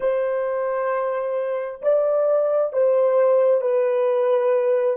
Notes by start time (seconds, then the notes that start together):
0.00 C5
1.82 D5
2.72 C5
3.61 B4